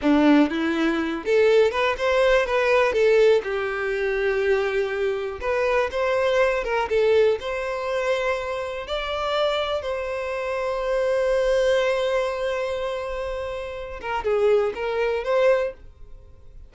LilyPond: \new Staff \with { instrumentName = "violin" } { \time 4/4 \tempo 4 = 122 d'4 e'4. a'4 b'8 | c''4 b'4 a'4 g'4~ | g'2. b'4 | c''4. ais'8 a'4 c''4~ |
c''2 d''2 | c''1~ | c''1~ | c''8 ais'8 gis'4 ais'4 c''4 | }